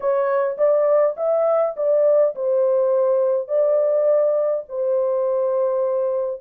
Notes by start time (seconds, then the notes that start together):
0.00 C#5
0.57 D5
1.17 E5
1.76 D5
2.35 C5
3.48 D5
4.68 C5